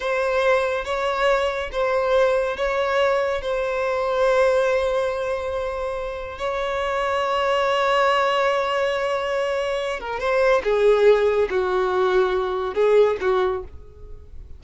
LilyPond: \new Staff \with { instrumentName = "violin" } { \time 4/4 \tempo 4 = 141 c''2 cis''2 | c''2 cis''2 | c''1~ | c''2. cis''4~ |
cis''1~ | cis''2.~ cis''8 ais'8 | c''4 gis'2 fis'4~ | fis'2 gis'4 fis'4 | }